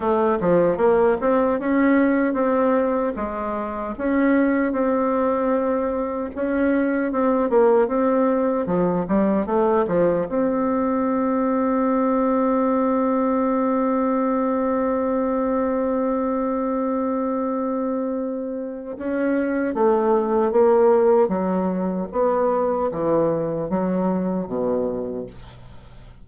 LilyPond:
\new Staff \with { instrumentName = "bassoon" } { \time 4/4 \tempo 4 = 76 a8 f8 ais8 c'8 cis'4 c'4 | gis4 cis'4 c'2 | cis'4 c'8 ais8 c'4 f8 g8 | a8 f8 c'2.~ |
c'1~ | c'1 | cis'4 a4 ais4 fis4 | b4 e4 fis4 b,4 | }